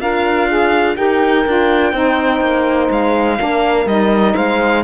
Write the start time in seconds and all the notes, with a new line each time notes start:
0.00 D4 F4 A#4 F5
0.48 G#4
0.94 D#4 G4 A#4 G5
1.46 D4 F4
1.92 C4 D#4 C5
2.41 A#3
2.90 G#3 F5
3.37 A#3 D4 A#4
3.85 G3 D#4 D#5
4.34 G#3 C5 F5